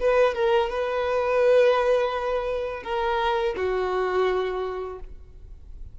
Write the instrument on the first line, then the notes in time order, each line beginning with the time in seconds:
violin
0.00 B4
0.34 A#4
0.69 B4
2.83 A#4
3.56 F#4